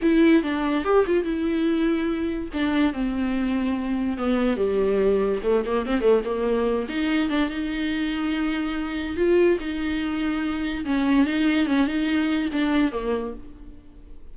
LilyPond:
\new Staff \with { instrumentName = "viola" } { \time 4/4 \tempo 4 = 144 e'4 d'4 g'8 f'8 e'4~ | e'2 d'4 c'4~ | c'2 b4 g4~ | g4 a8 ais8 c'8 a8 ais4~ |
ais8 dis'4 d'8 dis'2~ | dis'2 f'4 dis'4~ | dis'2 cis'4 dis'4 | cis'8 dis'4. d'4 ais4 | }